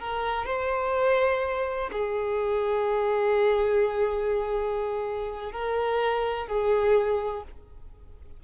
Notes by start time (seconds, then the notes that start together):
0.00 A#4
0.46 C5
1.92 G#4
5.52 A#4
6.48 G#4